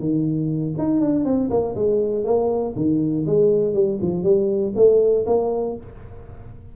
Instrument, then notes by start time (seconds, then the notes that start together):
tuba
0.00 D#3
0.79 D#4
1.01 D4
1.25 C4
1.51 A#3
1.76 G#3
2.25 A#3
2.76 D#3
3.27 G#3
3.74 G3
4.02 F3
4.23 G3
4.76 A3
5.27 A#3